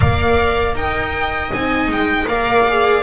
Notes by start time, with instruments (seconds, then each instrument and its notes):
0.00 double bass A#3, viola A#4 D5, violin F5
0.75 double bass D#4, viola D#5, violin G5
1.52 double bass C4, viola D#4, violin G#5
1.87 double bass G#3, violin G5
2.26 double bass A#3, viola A#4 D5, violin F5
2.68 viola G#4